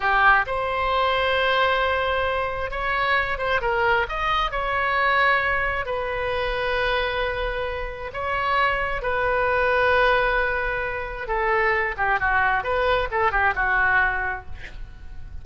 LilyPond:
\new Staff \with { instrumentName = "oboe" } { \time 4/4 \tempo 4 = 133 g'4 c''2.~ | c''2 cis''4. c''8 | ais'4 dis''4 cis''2~ | cis''4 b'2.~ |
b'2 cis''2 | b'1~ | b'4 a'4. g'8 fis'4 | b'4 a'8 g'8 fis'2 | }